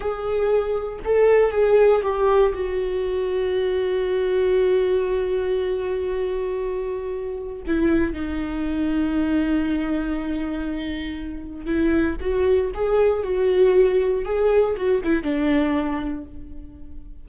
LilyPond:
\new Staff \with { instrumentName = "viola" } { \time 4/4 \tempo 4 = 118 gis'2 a'4 gis'4 | g'4 fis'2.~ | fis'1~ | fis'2. e'4 |
dis'1~ | dis'2. e'4 | fis'4 gis'4 fis'2 | gis'4 fis'8 e'8 d'2 | }